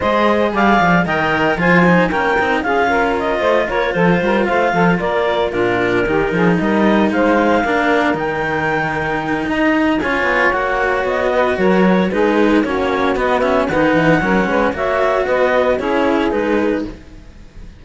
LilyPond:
<<
  \new Staff \with { instrumentName = "clarinet" } { \time 4/4 \tempo 4 = 114 dis''4 f''4 g''4 gis''4 | g''4 f''4 dis''4 cis''8 c''8~ | c''8 f''4 d''4 ais'4.~ | ais'8 dis''4 f''2 g''8~ |
g''2 ais''4 gis''4 | fis''4 dis''4 cis''4 b'4 | cis''4 dis''8 e''8 fis''2 | e''4 dis''4 cis''4 b'4 | }
  \new Staff \with { instrumentName = "saxophone" } { \time 4/4 c''4 d''4 dis''4 c''4 | ais'4 gis'8 ais'4 c''8 ais'8 a'8 | ais'8 c''8 a'8 ais'4 f'4 g'8 | gis'8 ais'4 c''4 ais'4.~ |
ais'2 dis''4 cis''4~ | cis''4. b'8 ais'4 gis'4 | fis'2 b'4 ais'8 b'8 | cis''4 b'4 gis'2 | }
  \new Staff \with { instrumentName = "cello" } { \time 4/4 gis'2 ais'4 f'8 dis'8 | cis'8 dis'8 f'2.~ | f'2~ f'8 d'4 dis'8~ | dis'2~ dis'8 d'4 dis'8~ |
dis'2. f'4 | fis'2. dis'4 | cis'4 b8 cis'8 dis'4 cis'4 | fis'2 e'4 dis'4 | }
  \new Staff \with { instrumentName = "cello" } { \time 4/4 gis4 g8 f8 dis4 f4 | ais8 c'8 cis'4. a8 ais8 f8 | g8 a8 f8 ais4 ais,4 dis8 | f8 g4 gis4 ais4 dis8~ |
dis2 dis'4 cis'8 b8 | ais4 b4 fis4 gis4 | ais4 b4 dis8 e8 fis8 gis8 | ais4 b4 cis'4 gis4 | }
>>